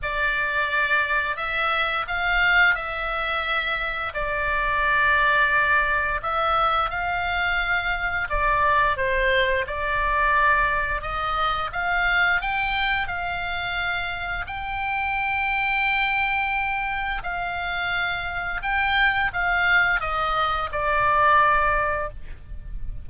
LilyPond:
\new Staff \with { instrumentName = "oboe" } { \time 4/4 \tempo 4 = 87 d''2 e''4 f''4 | e''2 d''2~ | d''4 e''4 f''2 | d''4 c''4 d''2 |
dis''4 f''4 g''4 f''4~ | f''4 g''2.~ | g''4 f''2 g''4 | f''4 dis''4 d''2 | }